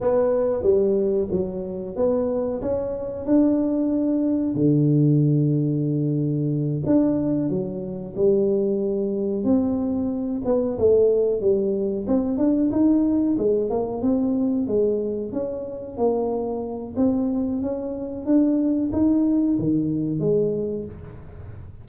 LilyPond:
\new Staff \with { instrumentName = "tuba" } { \time 4/4 \tempo 4 = 92 b4 g4 fis4 b4 | cis'4 d'2 d4~ | d2~ d8 d'4 fis8~ | fis8 g2 c'4. |
b8 a4 g4 c'8 d'8 dis'8~ | dis'8 gis8 ais8 c'4 gis4 cis'8~ | cis'8 ais4. c'4 cis'4 | d'4 dis'4 dis4 gis4 | }